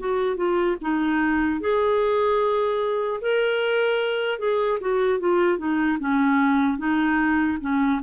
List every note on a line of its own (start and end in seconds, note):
0.00 0.37 F#4
0.37 0.77 F4
0.81 1.61 D#4
1.61 3.21 G#4
3.21 4.39 A#4
4.39 4.79 G#4
4.81 5.20 F#4
5.20 5.59 F4
5.59 5.99 D#4
6.00 6.79 C#4
6.79 7.59 D#4
7.61 8.01 C#4